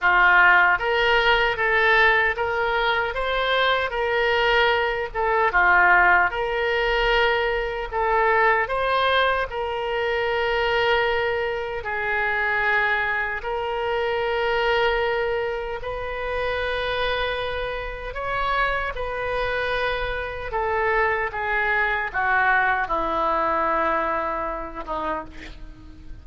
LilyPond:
\new Staff \with { instrumentName = "oboe" } { \time 4/4 \tempo 4 = 76 f'4 ais'4 a'4 ais'4 | c''4 ais'4. a'8 f'4 | ais'2 a'4 c''4 | ais'2. gis'4~ |
gis'4 ais'2. | b'2. cis''4 | b'2 a'4 gis'4 | fis'4 e'2~ e'8 dis'8 | }